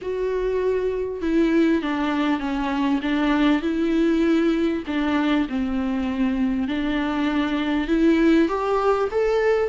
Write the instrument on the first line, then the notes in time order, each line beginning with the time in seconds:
viola
0.01 F#4
1.21 E4
1.82 D4
2.39 C#4
3.02 D4
3.61 E4
4.87 D4
5.48 C4
6.68 D4
7.87 E4
8.48 G4
9.11 A4